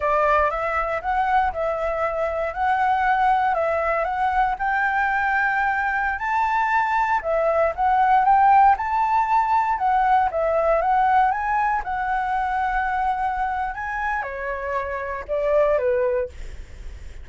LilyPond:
\new Staff \with { instrumentName = "flute" } { \time 4/4 \tempo 4 = 118 d''4 e''4 fis''4 e''4~ | e''4 fis''2 e''4 | fis''4 g''2.~ | g''16 a''2 e''4 fis''8.~ |
fis''16 g''4 a''2 fis''8.~ | fis''16 e''4 fis''4 gis''4 fis''8.~ | fis''2. gis''4 | cis''2 d''4 b'4 | }